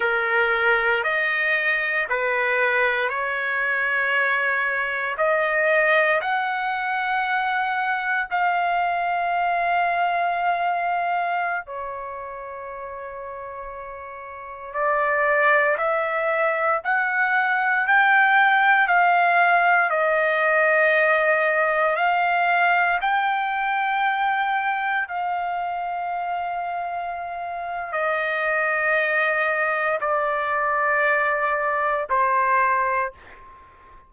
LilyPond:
\new Staff \with { instrumentName = "trumpet" } { \time 4/4 \tempo 4 = 58 ais'4 dis''4 b'4 cis''4~ | cis''4 dis''4 fis''2 | f''2.~ f''16 cis''8.~ | cis''2~ cis''16 d''4 e''8.~ |
e''16 fis''4 g''4 f''4 dis''8.~ | dis''4~ dis''16 f''4 g''4.~ g''16~ | g''16 f''2~ f''8. dis''4~ | dis''4 d''2 c''4 | }